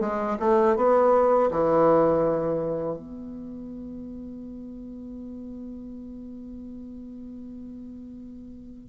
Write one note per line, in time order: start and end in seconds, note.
0.00 0.37 G#3
0.39 0.76 A3
0.76 1.50 B3
1.51 2.97 E3
2.97 8.89 B3